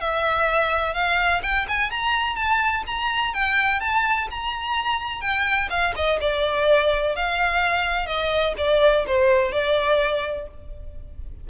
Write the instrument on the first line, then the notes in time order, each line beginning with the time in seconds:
violin
0.00 E5
0.94 F5
1.42 G5
1.68 G#5
1.90 A#5
2.35 A5
2.86 A#5
3.34 G5
3.80 A5
4.30 A#5
5.21 G5
5.70 F5
5.95 D#5
6.20 D5
7.16 F5
8.06 D#5
8.57 D5
9.06 C5
9.52 D5